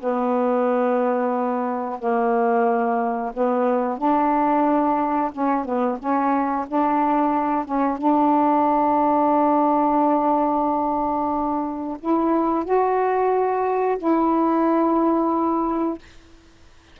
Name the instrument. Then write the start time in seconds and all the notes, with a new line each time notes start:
saxophone
0.00 B3
1.99 A#3
3.34 B3
3.98 D4
5.32 C#4
5.65 B3
5.99 C#4
6.68 D4
7.65 C#4
7.98 D4
12.00 E4
12.65 F#4
13.98 E4